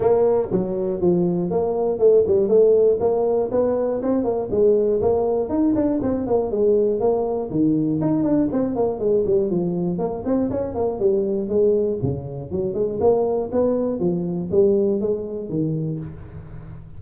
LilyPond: \new Staff \with { instrumentName = "tuba" } { \time 4/4 \tempo 4 = 120 ais4 fis4 f4 ais4 | a8 g8 a4 ais4 b4 | c'8 ais8 gis4 ais4 dis'8 d'8 | c'8 ais8 gis4 ais4 dis4 |
dis'8 d'8 c'8 ais8 gis8 g8 f4 | ais8 c'8 cis'8 ais8 g4 gis4 | cis4 fis8 gis8 ais4 b4 | f4 g4 gis4 dis4 | }